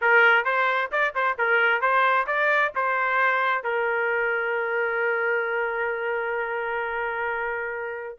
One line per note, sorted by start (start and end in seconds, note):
0.01 0.44 A#4
0.44 0.90 C5
0.91 1.14 D5
1.14 1.37 C5
1.38 1.81 A#4
1.81 2.26 C5
2.26 2.72 D5
2.75 3.63 C5
3.63 8.18 A#4